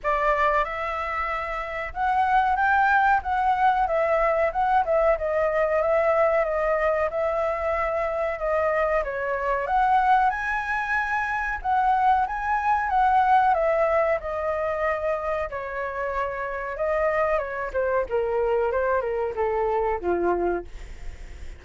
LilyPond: \new Staff \with { instrumentName = "flute" } { \time 4/4 \tempo 4 = 93 d''4 e''2 fis''4 | g''4 fis''4 e''4 fis''8 e''8 | dis''4 e''4 dis''4 e''4~ | e''4 dis''4 cis''4 fis''4 |
gis''2 fis''4 gis''4 | fis''4 e''4 dis''2 | cis''2 dis''4 cis''8 c''8 | ais'4 c''8 ais'8 a'4 f'4 | }